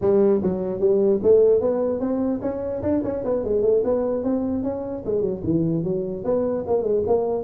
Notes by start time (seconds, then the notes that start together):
0.01 G3
0.42 F#3
0.80 G3
1.23 A3
1.61 B3
1.99 C4
2.41 C#4
2.82 D4
3.03 C#4
3.24 B3
3.44 G#3
3.62 A3
3.84 B3
4.23 C4
4.63 C#4
5.05 G#3
5.21 F#3
5.43 E3
5.83 F#3
6.24 B3
6.66 A#3
6.82 G#3
7.07 A#3